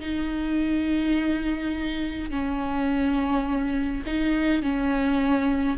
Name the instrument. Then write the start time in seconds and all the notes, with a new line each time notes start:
viola
0.00 D#4
2.31 C#4
4.06 D#4
4.62 C#4